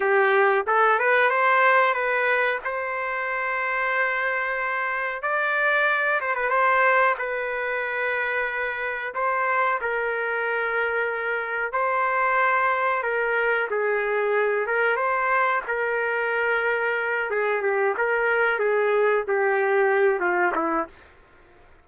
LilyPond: \new Staff \with { instrumentName = "trumpet" } { \time 4/4 \tempo 4 = 92 g'4 a'8 b'8 c''4 b'4 | c''1 | d''4. c''16 b'16 c''4 b'4~ | b'2 c''4 ais'4~ |
ais'2 c''2 | ais'4 gis'4. ais'8 c''4 | ais'2~ ais'8 gis'8 g'8 ais'8~ | ais'8 gis'4 g'4. f'8 e'8 | }